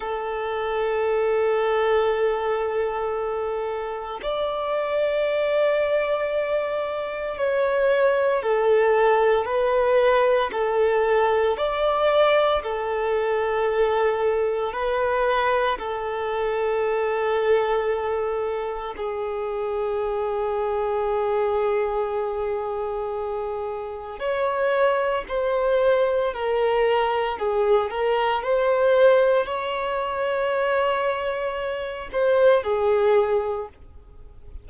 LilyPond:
\new Staff \with { instrumentName = "violin" } { \time 4/4 \tempo 4 = 57 a'1 | d''2. cis''4 | a'4 b'4 a'4 d''4 | a'2 b'4 a'4~ |
a'2 gis'2~ | gis'2. cis''4 | c''4 ais'4 gis'8 ais'8 c''4 | cis''2~ cis''8 c''8 gis'4 | }